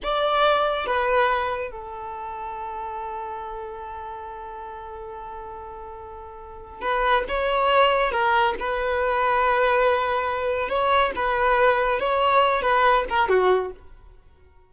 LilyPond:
\new Staff \with { instrumentName = "violin" } { \time 4/4 \tempo 4 = 140 d''2 b'2 | a'1~ | a'1~ | a'1 |
b'4 cis''2 ais'4 | b'1~ | b'4 cis''4 b'2 | cis''4. b'4 ais'8 fis'4 | }